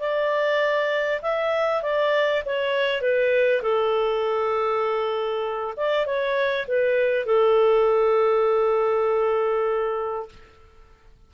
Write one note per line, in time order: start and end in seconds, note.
0.00 1.21 D5
1.22 1.82 E5
1.82 2.43 D5
2.46 3.01 C#5
3.01 3.62 B4
3.62 5.74 A4
5.77 6.06 D5
6.06 6.66 C#5
6.67 7.26 B4
7.26 10.29 A4